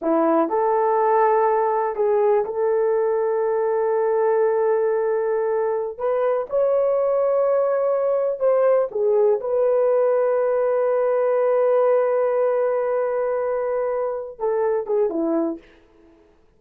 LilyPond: \new Staff \with { instrumentName = "horn" } { \time 4/4 \tempo 4 = 123 e'4 a'2. | gis'4 a'2.~ | a'1~ | a'16 b'4 cis''2~ cis''8.~ |
cis''4~ cis''16 c''4 gis'4 b'8.~ | b'1~ | b'1~ | b'4. a'4 gis'8 e'4 | }